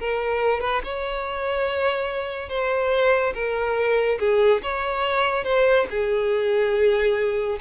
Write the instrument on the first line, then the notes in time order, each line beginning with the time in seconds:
violin
0.00 A#4
0.61 B4
0.84 C#5
2.49 C5
3.35 A#4
4.19 G#4
4.62 C#5
5.44 C5
5.90 G#4